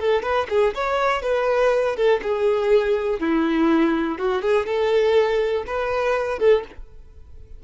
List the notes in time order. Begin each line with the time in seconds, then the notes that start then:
0.00 A4
0.23 B4
0.50 G#4
0.75 C#5
1.22 B4
1.96 A4
2.23 G#4
3.20 E4
4.18 F#4
4.42 G#4
4.66 A4
5.67 B4
6.39 A4